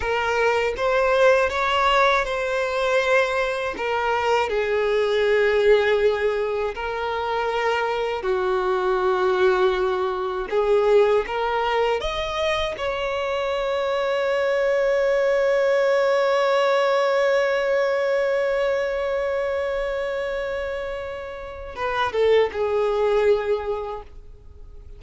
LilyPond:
\new Staff \with { instrumentName = "violin" } { \time 4/4 \tempo 4 = 80 ais'4 c''4 cis''4 c''4~ | c''4 ais'4 gis'2~ | gis'4 ais'2 fis'4~ | fis'2 gis'4 ais'4 |
dis''4 cis''2.~ | cis''1~ | cis''1~ | cis''4 b'8 a'8 gis'2 | }